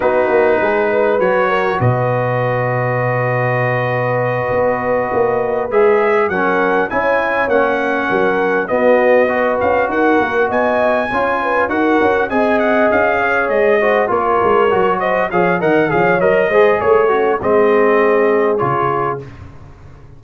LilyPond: <<
  \new Staff \with { instrumentName = "trumpet" } { \time 4/4 \tempo 4 = 100 b'2 cis''4 dis''4~ | dis''1~ | dis''4. e''4 fis''4 gis''8~ | gis''8 fis''2 dis''4. |
f''8 fis''4 gis''2 fis''8~ | fis''8 gis''8 fis''8 f''4 dis''4 cis''8~ | cis''4 dis''8 f''8 fis''8 f''8 dis''4 | cis''4 dis''2 cis''4 | }
  \new Staff \with { instrumentName = "horn" } { \time 4/4 fis'4 gis'8 b'4 ais'8 b'4~ | b'1~ | b'2~ b'8 ais'4 cis''8~ | cis''4. ais'4 fis'4 b'8~ |
b'8 ais'4 dis''4 cis''8 b'8 ais'8~ | ais'8 dis''4. cis''4 c''8 ais'8~ | ais'4 c''8 cis''8 dis''8 cis''4 c''8 | cis''8 cis'8 gis'2. | }
  \new Staff \with { instrumentName = "trombone" } { \time 4/4 dis'2 fis'2~ | fis'1~ | fis'4. gis'4 cis'4 e'8~ | e'8 cis'2 b4 fis'8~ |
fis'2~ fis'8 f'4 fis'8~ | fis'8 gis'2~ gis'8 fis'8 f'8~ | f'8 fis'4 gis'8 ais'8 gis'8 ais'8 gis'8~ | gis'8 fis'8 c'2 f'4 | }
  \new Staff \with { instrumentName = "tuba" } { \time 4/4 b8 ais8 gis4 fis4 b,4~ | b,2.~ b,8 b8~ | b8 ais4 gis4 fis4 cis'8~ | cis'8 ais4 fis4 b4. |
cis'8 dis'8 ais8 b4 cis'4 dis'8 | cis'8 c'4 cis'4 gis4 ais8 | gis8 fis4 f8 dis8 f8 fis8 gis8 | a4 gis2 cis4 | }
>>